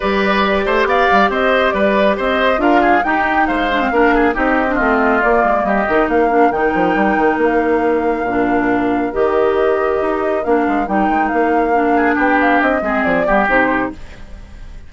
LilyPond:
<<
  \new Staff \with { instrumentName = "flute" } { \time 4/4 \tempo 4 = 138 d''2 f''4 dis''4 | d''4 dis''4 f''4 g''4 | f''2 dis''2 | d''4 dis''4 f''4 g''4~ |
g''4 f''2.~ | f''4 dis''2. | f''4 g''4 f''2 | g''8 f''8 dis''4 d''4 c''4 | }
  \new Staff \with { instrumentName = "oboe" } { \time 4/4 b'4. c''8 d''4 c''4 | b'4 c''4 ais'8 gis'8 g'4 | c''4 ais'8 gis'8 g'4 f'4~ | f'4 g'4 ais'2~ |
ais'1~ | ais'1~ | ais'2.~ ais'8 gis'8 | g'4. gis'4 g'4. | }
  \new Staff \with { instrumentName = "clarinet" } { \time 4/4 g'1~ | g'2 f'4 dis'4~ | dis'8 d'16 c'16 d'4 dis'8. d'16 c'4 | ais4. dis'4 d'8 dis'4~ |
dis'2. d'4~ | d'4 g'2. | d'4 dis'2 d'4~ | d'4. c'4 b8 dis'4 | }
  \new Staff \with { instrumentName = "bassoon" } { \time 4/4 g4. a8 b8 g8 c'4 | g4 c'4 d'4 dis'4 | gis4 ais4 c'4 a4 | ais8 gis8 g8 dis8 ais4 dis8 f8 |
g8 dis8 ais2 ais,4~ | ais,4 dis2 dis'4 | ais8 gis8 g8 gis8 ais2 | b4 c'8 gis8 f8 g8 c4 | }
>>